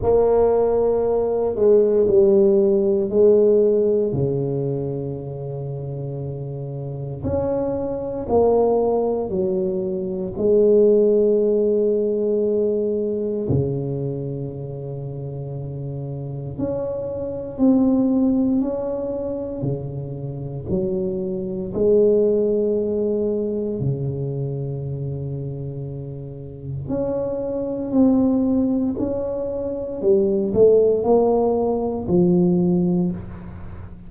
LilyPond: \new Staff \with { instrumentName = "tuba" } { \time 4/4 \tempo 4 = 58 ais4. gis8 g4 gis4 | cis2. cis'4 | ais4 fis4 gis2~ | gis4 cis2. |
cis'4 c'4 cis'4 cis4 | fis4 gis2 cis4~ | cis2 cis'4 c'4 | cis'4 g8 a8 ais4 f4 | }